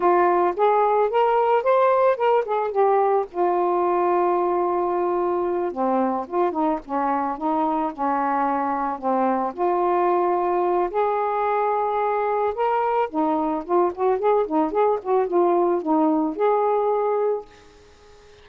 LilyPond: \new Staff \with { instrumentName = "saxophone" } { \time 4/4 \tempo 4 = 110 f'4 gis'4 ais'4 c''4 | ais'8 gis'8 g'4 f'2~ | f'2~ f'8 c'4 f'8 | dis'8 cis'4 dis'4 cis'4.~ |
cis'8 c'4 f'2~ f'8 | gis'2. ais'4 | dis'4 f'8 fis'8 gis'8 dis'8 gis'8 fis'8 | f'4 dis'4 gis'2 | }